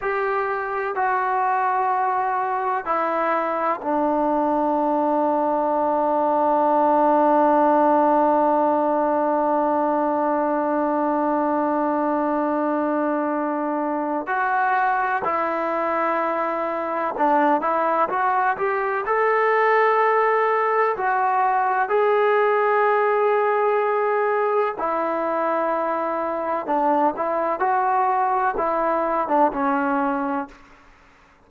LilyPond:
\new Staff \with { instrumentName = "trombone" } { \time 4/4 \tempo 4 = 63 g'4 fis'2 e'4 | d'1~ | d'1~ | d'2. fis'4 |
e'2 d'8 e'8 fis'8 g'8 | a'2 fis'4 gis'4~ | gis'2 e'2 | d'8 e'8 fis'4 e'8. d'16 cis'4 | }